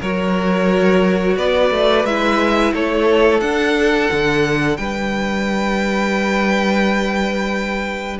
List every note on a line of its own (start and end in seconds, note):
0.00 1.36 F#3
0.00 2.07 F#4
0.00 1.36 A#4
0.00 1.37 C#5
1.36 1.70 B3
1.36 2.73 B4
1.36 2.05 D5
1.70 2.04 A3
2.04 2.72 G#3
2.04 3.43 E4
2.04 2.73 E5
2.73 3.41 A3
2.73 4.77 A4
2.73 3.40 C#5
3.40 4.09 D4
3.40 8.19 D4
3.40 4.76 F#5
4.11 4.78 D3
4.76 8.18 G3
4.76 8.19 B4
4.76 8.17 G5